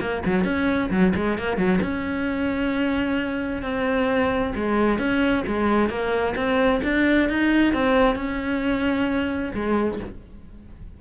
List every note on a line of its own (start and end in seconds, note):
0.00 0.23 A#3
0.25 0.44 F#3
0.44 0.90 C#4
0.90 1.13 F#3
1.15 1.38 G#3
1.38 1.57 A#3
1.57 1.79 F#3
1.81 3.62 C#4
3.62 4.53 C4
4.55 4.98 G#3
4.98 5.44 C#4
5.47 5.89 G#3
5.89 6.35 A#3
6.36 6.81 C4
6.83 7.29 D4
7.29 7.73 D#4
7.73 8.15 C4
8.15 9.52 C#4
9.54 9.99 G#3